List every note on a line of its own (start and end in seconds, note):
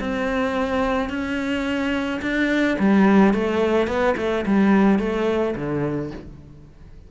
0.00 1.10 C4
1.10 2.21 C#4
2.22 2.78 D4
2.79 3.34 G3
3.34 3.88 A3
3.88 4.16 B3
4.18 4.45 A3
4.46 4.99 G3
4.99 5.55 A3
5.56 6.11 D3